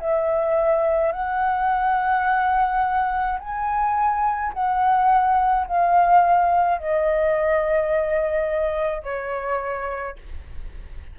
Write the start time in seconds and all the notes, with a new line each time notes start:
0.00 E5
1.13 F#5
3.40 G#5
4.54 F#5
5.67 F5
6.79 D#5
9.04 C#5